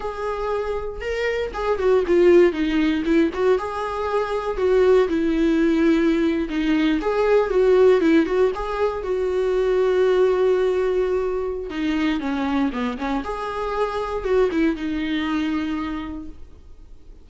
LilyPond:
\new Staff \with { instrumentName = "viola" } { \time 4/4 \tempo 4 = 118 gis'2 ais'4 gis'8 fis'8 | f'4 dis'4 e'8 fis'8 gis'4~ | gis'4 fis'4 e'2~ | e'8. dis'4 gis'4 fis'4 e'16~ |
e'16 fis'8 gis'4 fis'2~ fis'16~ | fis'2. dis'4 | cis'4 b8 cis'8 gis'2 | fis'8 e'8 dis'2. | }